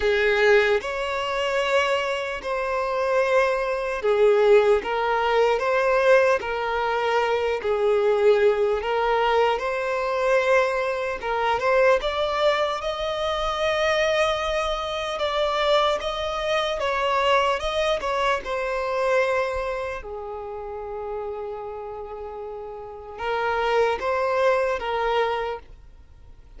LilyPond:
\new Staff \with { instrumentName = "violin" } { \time 4/4 \tempo 4 = 75 gis'4 cis''2 c''4~ | c''4 gis'4 ais'4 c''4 | ais'4. gis'4. ais'4 | c''2 ais'8 c''8 d''4 |
dis''2. d''4 | dis''4 cis''4 dis''8 cis''8 c''4~ | c''4 gis'2.~ | gis'4 ais'4 c''4 ais'4 | }